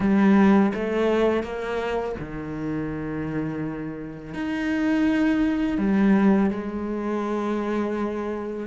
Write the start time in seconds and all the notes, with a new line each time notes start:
0.00 G3
0.74 A3
1.43 A#3
2.19 D#3
4.34 D#4
5.78 G3
6.50 G#3